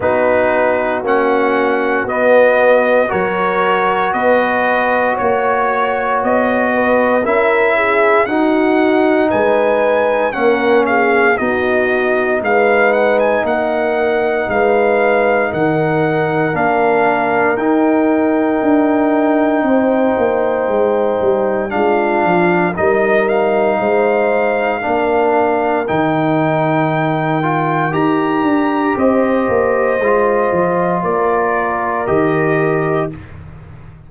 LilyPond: <<
  \new Staff \with { instrumentName = "trumpet" } { \time 4/4 \tempo 4 = 58 b'4 fis''4 dis''4 cis''4 | dis''4 cis''4 dis''4 e''4 | fis''4 gis''4 fis''8 f''8 dis''4 | f''8 fis''16 gis''16 fis''4 f''4 fis''4 |
f''4 g''2.~ | g''4 f''4 dis''8 f''4.~ | f''4 g''2 ais''4 | dis''2 d''4 dis''4 | }
  \new Staff \with { instrumentName = "horn" } { \time 4/4 fis'2. ais'4 | b'4 cis''4. b'8 ais'8 gis'8 | fis'4 b'4 ais'8 gis'8 fis'4 | b'4 ais'4 b'4 ais'4~ |
ais'2. c''4~ | c''4 f'4 ais'4 c''4 | ais'1 | c''2 ais'2 | }
  \new Staff \with { instrumentName = "trombone" } { \time 4/4 dis'4 cis'4 b4 fis'4~ | fis'2. e'4 | dis'2 cis'4 dis'4~ | dis'1 |
d'4 dis'2.~ | dis'4 d'4 dis'2 | d'4 dis'4. f'8 g'4~ | g'4 f'2 g'4 | }
  \new Staff \with { instrumentName = "tuba" } { \time 4/4 b4 ais4 b4 fis4 | b4 ais4 b4 cis'4 | dis'4 gis4 ais4 b4 | gis4 ais4 gis4 dis4 |
ais4 dis'4 d'4 c'8 ais8 | gis8 g8 gis8 f8 g4 gis4 | ais4 dis2 dis'8 d'8 | c'8 ais8 gis8 f8 ais4 dis4 | }
>>